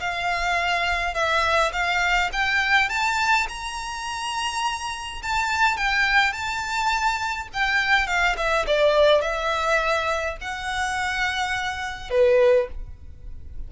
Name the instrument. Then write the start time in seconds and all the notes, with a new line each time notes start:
violin
0.00 F5
1.14 E5
1.72 F5
2.32 G5
2.89 A5
3.49 A#5
5.22 A5
5.77 G5
6.32 A5
7.53 G5
8.07 F5
8.37 E5
8.66 D5
9.21 E5
10.41 F#5
12.10 B4